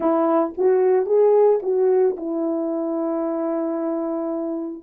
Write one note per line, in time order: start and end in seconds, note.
0.00 0.53 E4
0.57 1.06 F#4
1.06 1.59 G#4
1.62 2.16 F#4
2.16 4.83 E4